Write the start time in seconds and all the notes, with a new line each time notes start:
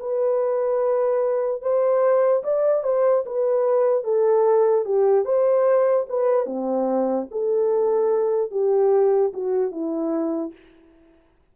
0.00 B4
1.63 C5
2.44 D5
2.84 C5
3.26 B4
4.04 A4
4.85 G4
5.25 C5
6.09 B4
6.47 C4
7.32 A4
8.51 G4
9.34 F#4
9.71 E4